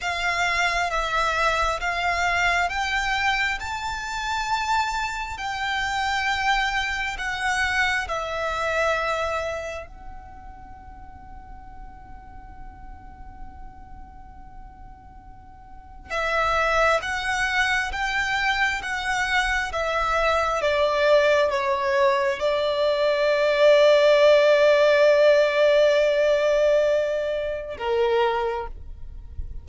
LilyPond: \new Staff \with { instrumentName = "violin" } { \time 4/4 \tempo 4 = 67 f''4 e''4 f''4 g''4 | a''2 g''2 | fis''4 e''2 fis''4~ | fis''1~ |
fis''2 e''4 fis''4 | g''4 fis''4 e''4 d''4 | cis''4 d''2.~ | d''2. ais'4 | }